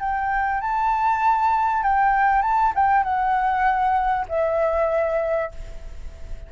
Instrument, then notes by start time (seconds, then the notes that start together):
flute
0.00 G5
0.61 A5
1.83 G5
2.42 A5
2.75 G5
3.04 F#5
4.29 E5